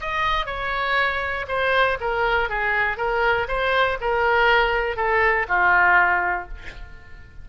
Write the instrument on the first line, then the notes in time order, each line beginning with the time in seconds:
oboe
0.00 D#5
0.46 C#5
1.48 C5
2.00 A#4
2.49 G#4
2.97 A#4
3.48 C5
4.00 A#4
4.96 A4
5.48 F4